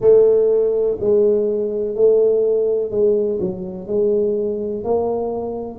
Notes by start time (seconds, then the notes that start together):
0.00 A3
1.00 G#3
1.95 A3
2.90 G#3
3.40 F#3
3.87 G#3
4.83 A#3